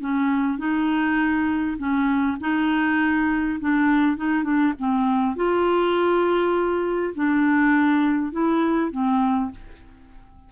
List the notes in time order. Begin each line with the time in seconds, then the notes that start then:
0.00 C#4
0.58 D#4
1.77 C#4
2.40 D#4
3.60 D4
4.16 D#4
4.43 D4
4.78 C4
5.35 F4
7.14 D4
8.32 E4
8.91 C4